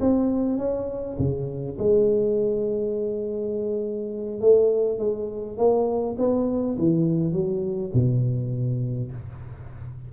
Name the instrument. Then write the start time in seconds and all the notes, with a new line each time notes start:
tuba
0.00 C4
0.58 C#4
1.18 C#3
1.78 G#3
4.40 A3
4.98 G#3
5.57 A#3
6.18 B3
6.78 E3
7.32 F#3
7.94 B2